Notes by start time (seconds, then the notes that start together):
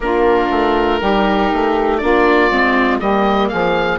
0.00 A#3 D4 F4 A#4
0.50 A3
1.00 G3 D#4 G4
1.52 A3
1.97 A#3 D4 F4 D5
2.50 G#3 C4
3.00 G3 A#3 G4 D#5
3.48 F3 G#4 F5